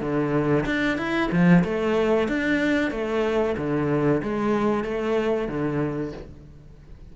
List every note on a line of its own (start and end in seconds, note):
0.00 0.65 D3
0.65 0.97 D4
0.97 1.30 E4
1.31 1.64 F3
1.64 2.28 A3
2.28 2.91 D4
2.91 3.55 A3
3.57 4.22 D3
4.23 4.84 G#3
4.84 5.48 A3
5.48 6.12 D3